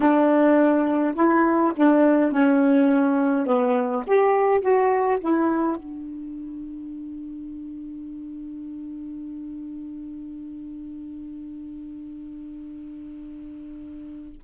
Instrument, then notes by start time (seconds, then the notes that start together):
saxophone
0.00 D4
1.14 E4
1.76 D4
2.31 C#4
3.46 B3
4.06 G4
4.60 F#4
5.20 E4
5.76 D4